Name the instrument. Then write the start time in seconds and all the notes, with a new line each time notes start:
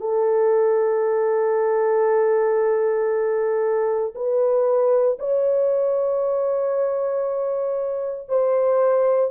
horn
0.00 A4
4.15 B4
5.19 C#5
8.29 C5